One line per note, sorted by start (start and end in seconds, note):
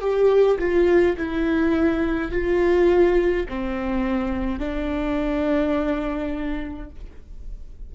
0.00 0.58 G4
0.58 1.16 F4
1.17 2.31 E4
2.31 3.46 F4
3.48 4.59 C4
4.59 6.90 D4